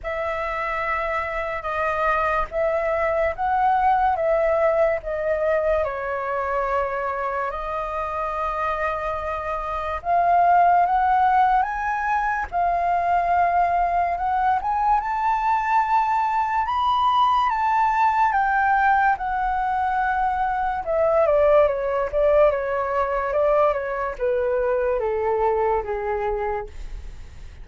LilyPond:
\new Staff \with { instrumentName = "flute" } { \time 4/4 \tempo 4 = 72 e''2 dis''4 e''4 | fis''4 e''4 dis''4 cis''4~ | cis''4 dis''2. | f''4 fis''4 gis''4 f''4~ |
f''4 fis''8 gis''8 a''2 | b''4 a''4 g''4 fis''4~ | fis''4 e''8 d''8 cis''8 d''8 cis''4 | d''8 cis''8 b'4 a'4 gis'4 | }